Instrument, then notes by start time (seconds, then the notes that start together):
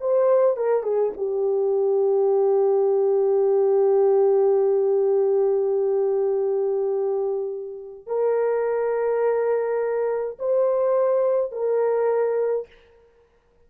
horn
0.00 C5
0.56 A#4
0.83 G#4
1.16 G4
8.06 A#4
10.38 C5
11.51 A#4